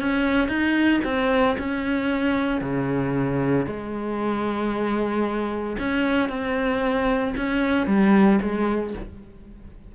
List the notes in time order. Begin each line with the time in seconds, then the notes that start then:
0.00 C#4
0.48 D#4
1.04 C4
1.58 C#4
2.61 C#3
3.66 G#3
5.79 C#4
6.29 C4
7.37 C#4
7.87 G3
8.42 G#3